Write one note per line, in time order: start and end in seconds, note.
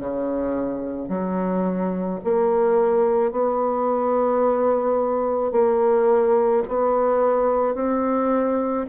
0.00 1.09 C#3
1.09 2.20 F#3
2.24 3.32 A#3
3.32 5.52 B3
5.52 6.63 A#3
6.68 7.75 B3
7.75 8.86 C4